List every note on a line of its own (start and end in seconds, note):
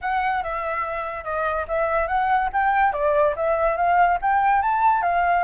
0.01 0.43 F#5
0.43 1.23 E5
1.23 1.65 D#5
1.68 2.07 E5
2.07 2.49 F#5
2.52 2.92 G5
2.92 3.34 D5
3.36 3.76 E5
3.76 4.18 F5
4.21 4.62 G5
4.62 5.02 A5
5.02 5.43 F5